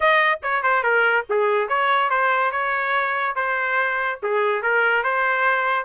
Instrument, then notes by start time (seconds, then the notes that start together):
trumpet
0.00 D#5
0.42 C#5
0.62 C5
0.83 A#4
1.29 G#4
1.68 C#5
2.09 C5
2.51 C#5
3.35 C5
4.22 G#4
4.62 A#4
5.03 C5